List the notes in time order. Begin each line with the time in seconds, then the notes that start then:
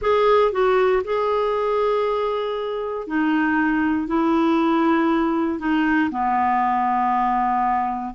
0.01 G#4
0.52 F#4
1.04 G#4
3.07 D#4
4.07 E4
5.59 D#4
6.10 B3